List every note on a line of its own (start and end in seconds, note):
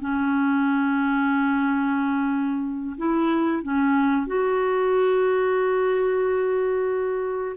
0.00 2.97 C#4
2.97 3.63 E4
3.63 4.26 C#4
4.26 7.56 F#4